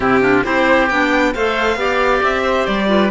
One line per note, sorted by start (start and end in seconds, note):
0.00 0.42 C3
0.00 0.21 C4
0.00 0.19 E4
0.00 0.44 G4
0.21 0.43 D4
0.21 0.44 F4
0.44 0.90 C4
0.44 0.88 E4
0.44 1.33 G4
0.44 0.88 C5
0.88 1.34 B3
0.88 1.34 D4
0.88 1.33 G5
1.33 1.75 A3
1.33 1.77 A4
1.33 1.78 C5
1.33 2.22 F5
1.75 2.20 B3
1.75 2.87 G4
1.75 2.42 D5
2.22 2.67 C4
2.22 2.66 E5
2.42 2.87 C5
2.66 3.10 G3
2.66 3.10 D5
2.87 3.09 F4
2.87 3.10 B4